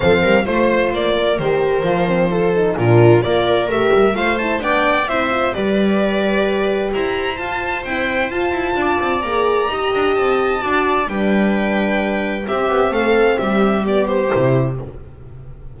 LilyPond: <<
  \new Staff \with { instrumentName = "violin" } { \time 4/4 \tempo 4 = 130 f''4 c''4 d''4 c''4~ | c''2 ais'4 d''4 | e''4 f''8 a''8 g''4 e''4 | d''2. ais''4 |
a''4 g''4 a''2 | ais''2 a''2 | g''2. e''4 | f''4 e''4 d''8 c''4. | }
  \new Staff \with { instrumentName = "viola" } { \time 4/4 a'8 ais'8 c''4. ais'4.~ | ais'4 a'4 f'4 ais'4~ | ais'4 c''4 d''4 c''4 | b'2. c''4~ |
c''2. d''4~ | d''4 dis''2 d''4 | b'2. g'4 | a'4 g'2. | }
  \new Staff \with { instrumentName = "horn" } { \time 4/4 c'4 f'2 g'4 | f'8 c'8 f'8 dis'8 d'4 f'4 | g'4 f'8 e'8 d'4 e'8 f'8 | g'1 |
f'4 c'4 f'2 | gis'4 g'2 fis'4 | d'2. c'4~ | c'2 b4 e'4 | }
  \new Staff \with { instrumentName = "double bass" } { \time 4/4 f8 g8 a4 ais4 dis4 | f2 ais,4 ais4 | a8 g8 a4 b4 c'4 | g2. e'4 |
f'4 e'4 f'8 e'8 d'8 c'8 | ais4 dis'8 d'8 c'4 d'4 | g2. c'8 b8 | a4 g2 c4 | }
>>